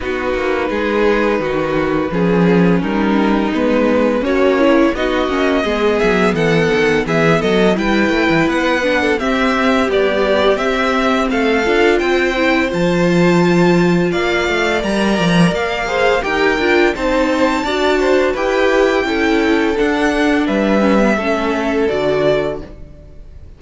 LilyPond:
<<
  \new Staff \with { instrumentName = "violin" } { \time 4/4 \tempo 4 = 85 b'1 | ais'4 b'4 cis''4 dis''4~ | dis''8 e''8 fis''4 e''8 dis''8 g''4 | fis''4 e''4 d''4 e''4 |
f''4 g''4 a''2 | f''4 ais''4 f''4 g''4 | a''2 g''2 | fis''4 e''2 d''4 | }
  \new Staff \with { instrumentName = "violin" } { \time 4/4 fis'4 gis'4 fis'4 gis'4 | dis'2 cis'4 fis'4 | gis'4 a'4 gis'8 a'8 b'4~ | b'8. a'16 g'2. |
a'4 c''2. | d''2~ d''8 c''8 ais'4 | c''4 d''8 c''8 b'4 a'4~ | a'4 b'4 a'2 | }
  \new Staff \with { instrumentName = "viola" } { \time 4/4 dis'2. cis'4~ | cis'4 b4 fis'8 e'8 dis'8 cis'8 | b2. e'4~ | e'8 d'8 c'4 g4 c'4~ |
c'8 f'4 e'8 f'2~ | f'4 ais'4. gis'8 g'8 f'8 | dis'4 fis'4 g'4 e'4 | d'4. cis'16 b16 cis'4 fis'4 | }
  \new Staff \with { instrumentName = "cello" } { \time 4/4 b8 ais8 gis4 dis4 f4 | g4 gis4 ais4 b8 ais8 | gis8 fis8 e8 dis8 e8 fis8 g8 a16 e16 | b4 c'4 b4 c'4 |
a8 d'8 c'4 f2 | ais8 a8 g8 f8 ais4 dis'8 d'8 | c'4 d'4 e'4 cis'4 | d'4 g4 a4 d4 | }
>>